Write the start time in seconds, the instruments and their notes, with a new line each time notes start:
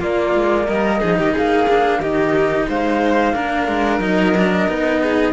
0.00 cello A#3, violin F4, flute D5
0.35 cello G#3
0.68 cello G3, violin A#4, flute D#5
1.01 cello F3 D#4, violin G#4
1.18 cello D#3, violin G4
1.33 cello A#3, violin G#4, flute F5
1.69 cello D4
2.00 cello D#3 D#4, violin G4, flute D#5
2.69 cello G#3, violin C5, flute F5
3.34 cello A#3 D4, violin A#4
3.68 cello G#3
3.99 cello F#3 D#4, flute D#5
4.38 cello D4
4.69 cello B3 D#4
5.03 violin G#4